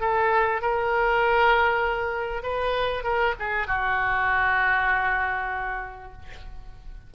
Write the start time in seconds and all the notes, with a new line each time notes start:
0.00 A4
0.61 A#4
2.43 B4
3.03 A#4
3.39 G#4
3.67 F#4